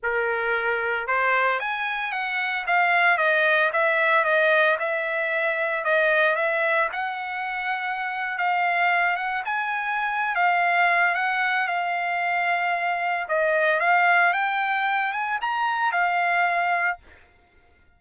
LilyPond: \new Staff \with { instrumentName = "trumpet" } { \time 4/4 \tempo 4 = 113 ais'2 c''4 gis''4 | fis''4 f''4 dis''4 e''4 | dis''4 e''2 dis''4 | e''4 fis''2~ fis''8. f''16~ |
f''4~ f''16 fis''8 gis''4.~ gis''16 f''8~ | f''4 fis''4 f''2~ | f''4 dis''4 f''4 g''4~ | g''8 gis''8 ais''4 f''2 | }